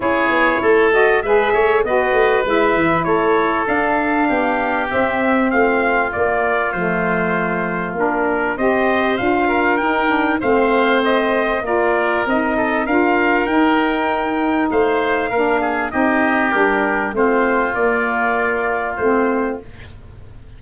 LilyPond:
<<
  \new Staff \with { instrumentName = "trumpet" } { \time 4/4 \tempo 4 = 98 cis''4. dis''8 e''4 dis''4 | e''4 cis''4 f''2 | e''4 f''4 d''4 c''4~ | c''4 ais'4 dis''4 f''4 |
g''4 f''4 dis''4 d''4 | dis''4 f''4 g''2 | f''2 dis''4 ais'4 | c''4 d''2 c''4 | }
  \new Staff \with { instrumentName = "oboe" } { \time 4/4 gis'4 a'4 b'8 cis''8 b'4~ | b'4 a'2 g'4~ | g'4 f'2.~ | f'2 c''4. ais'8~ |
ais'4 c''2 ais'4~ | ais'8 a'8 ais'2. | c''4 ais'8 gis'8 g'2 | f'1 | }
  \new Staff \with { instrumentName = "saxophone" } { \time 4/4 e'4. fis'8 gis'4 fis'4 | e'2 d'2 | c'2 ais4 a4~ | a4 d'4 g'4 f'4 |
dis'8 d'8 c'2 f'4 | dis'4 f'4 dis'2~ | dis'4 d'4 dis'4 d'4 | c'4 ais2 c'4 | }
  \new Staff \with { instrumentName = "tuba" } { \time 4/4 cis'8 b8 a4 gis8 a8 b8 a8 | gis8 e8 a4 d'4 b4 | c'4 a4 ais4 f4~ | f4 ais4 c'4 d'4 |
dis'4 a2 ais4 | c'4 d'4 dis'2 | a4 ais4 c'4 g4 | a4 ais2 a4 | }
>>